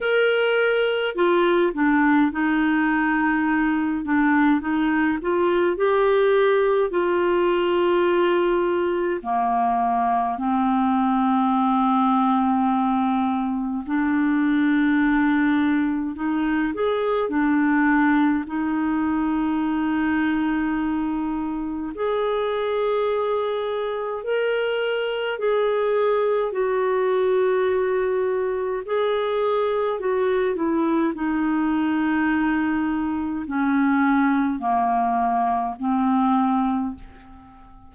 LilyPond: \new Staff \with { instrumentName = "clarinet" } { \time 4/4 \tempo 4 = 52 ais'4 f'8 d'8 dis'4. d'8 | dis'8 f'8 g'4 f'2 | ais4 c'2. | d'2 dis'8 gis'8 d'4 |
dis'2. gis'4~ | gis'4 ais'4 gis'4 fis'4~ | fis'4 gis'4 fis'8 e'8 dis'4~ | dis'4 cis'4 ais4 c'4 | }